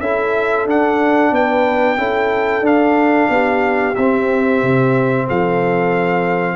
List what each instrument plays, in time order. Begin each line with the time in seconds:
0.00 tuba C#4, trombone E4, horn A4, trumpet E5
0.65 tuba D4, trombone D4, trumpet F#5
1.31 tuba B3, horn B4, trumpet G5
1.97 tuba C#4, trombone E4, horn A4
2.61 tuba D4, trombone D4, trumpet F5
3.29 tuba B3, horn G4
3.95 tuba C4, trombone C4, trumpet E5
4.63 tuba C3
5.27 tuba F3, horn A4, trumpet F5